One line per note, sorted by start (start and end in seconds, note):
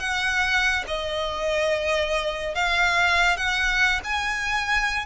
0.00 0.85 F#5
0.88 2.55 D#5
2.55 3.37 F5
3.37 4.01 F#5
4.04 5.06 G#5